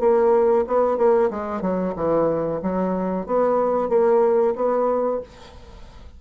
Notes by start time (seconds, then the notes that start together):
0.00 A#3
0.67 B3
0.97 A#3
1.30 G#3
1.61 F#3
1.96 E3
2.62 F#3
3.26 B3
3.89 A#3
4.55 B3